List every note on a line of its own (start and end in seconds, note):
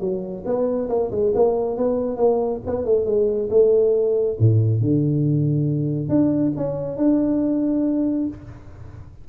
0.00 0.43 F#3
0.45 0.89 B3
0.89 1.11 A#3
1.11 1.33 G#3
1.35 1.77 A#3
1.77 2.17 B3
2.17 2.60 A#3
2.66 2.85 B3
2.85 3.05 A3
3.05 3.49 G#3
3.50 4.37 A3
4.39 4.81 A2
4.81 6.09 D3
6.09 6.52 D4
6.57 6.97 C#4
6.97 8.28 D4